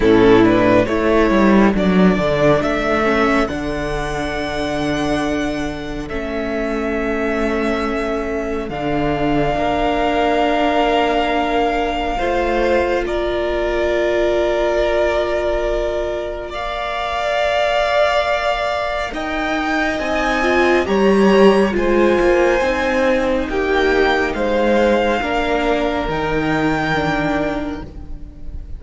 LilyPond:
<<
  \new Staff \with { instrumentName = "violin" } { \time 4/4 \tempo 4 = 69 a'8 b'8 cis''4 d''4 e''4 | fis''2. e''4~ | e''2 f''2~ | f''2. d''4~ |
d''2. f''4~ | f''2 g''4 gis''4 | ais''4 gis''2 g''4 | f''2 g''2 | }
  \new Staff \with { instrumentName = "violin" } { \time 4/4 e'4 a'2.~ | a'1~ | a'2. ais'4~ | ais'2 c''4 ais'4~ |
ais'2. d''4~ | d''2 dis''2 | cis''4 c''2 g'4 | c''4 ais'2. | }
  \new Staff \with { instrumentName = "viola" } { \time 4/4 cis'8 d'8 e'4 d'4. cis'8 | d'2. cis'4~ | cis'2 d'2~ | d'2 f'2~ |
f'2. ais'4~ | ais'2. dis'8 f'8 | g'4 f'4 dis'2~ | dis'4 d'4 dis'4 d'4 | }
  \new Staff \with { instrumentName = "cello" } { \time 4/4 a,4 a8 g8 fis8 d8 a4 | d2. a4~ | a2 d4 ais4~ | ais2 a4 ais4~ |
ais1~ | ais2 dis'4 c'4 | g4 gis8 ais8 c'4 ais4 | gis4 ais4 dis2 | }
>>